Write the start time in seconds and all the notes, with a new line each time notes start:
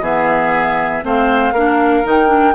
0.00 E3 B3 G#4 E5
1.02 A3 C4 C5 F5
1.52 A#3 D4 A#4
2.04 D#3 D#4 G5
2.27 D4